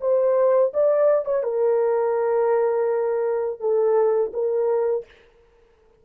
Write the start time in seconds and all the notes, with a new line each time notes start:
0.00 C5
0.73 D5
1.25 C#5
1.43 A#4
3.59 A4
4.33 A#4